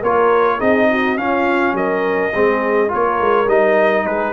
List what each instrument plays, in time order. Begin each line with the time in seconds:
0.00 tuba A#3, trombone F4, horn A#4, trumpet C#5
0.57 tuba C4, trombone D#4, horn G#4, trumpet D#5
0.90 horn F#4
1.17 trombone C#4, tuba C#4, horn F4, trumpet F5
1.72 tuba F#3, horn A#4, trumpet D#5
2.33 tuba G#3, trombone C4, horn G#4
2.88 tuba A#3, trombone F4, horn A#4, trumpet C#5
3.20 tuba G#3
3.47 tuba G3, trombone D#4, trumpet D#5
4.04 tuba G#3, horn G#4, trumpet B4